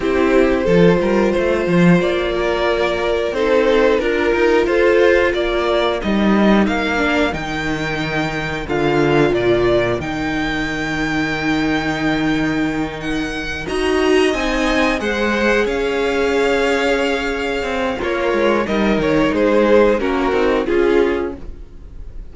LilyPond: <<
  \new Staff \with { instrumentName = "violin" } { \time 4/4 \tempo 4 = 90 c''2. d''4~ | d''4 c''4 ais'4 c''4 | d''4 dis''4 f''4 g''4~ | g''4 f''4 d''4 g''4~ |
g''2.~ g''8 fis''8~ | fis''8 ais''4 gis''4 fis''4 f''8~ | f''2. cis''4 | dis''8 cis''8 c''4 ais'4 gis'4 | }
  \new Staff \with { instrumentName = "violin" } { \time 4/4 g'4 a'8 ais'8 c''4. ais'8~ | ais'4 a'4 ais'4 a'4 | ais'1~ | ais'1~ |
ais'1~ | ais'8 dis''2 c''4 cis''8~ | cis''2. f'4 | ais'4 gis'4 fis'4 f'4 | }
  \new Staff \with { instrumentName = "viola" } { \time 4/4 e'4 f'2.~ | f'4 dis'4 f'2~ | f'4 dis'4. d'8 dis'4~ | dis'4 f'2 dis'4~ |
dis'1~ | dis'8 fis'4 dis'4 gis'4.~ | gis'2. ais'4 | dis'2 cis'8 dis'8 f'4 | }
  \new Staff \with { instrumentName = "cello" } { \time 4/4 c'4 f8 g8 a8 f8 ais4~ | ais4 c'4 d'8 dis'8 f'4 | ais4 g4 ais4 dis4~ | dis4 d4 ais,4 dis4~ |
dis1~ | dis8 dis'4 c'4 gis4 cis'8~ | cis'2~ cis'8 c'8 ais8 gis8 | g8 dis8 gis4 ais8 c'8 cis'4 | }
>>